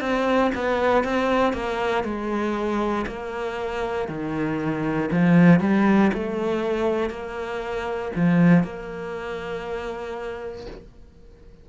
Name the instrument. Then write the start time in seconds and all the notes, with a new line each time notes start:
cello
0.00 C4
0.55 B3
1.04 C4
1.53 A#3
2.03 G#3
3.06 A#3
4.08 D#3
5.11 F3
5.60 G3
6.13 A3
7.10 A#3
8.15 F3
8.63 A#3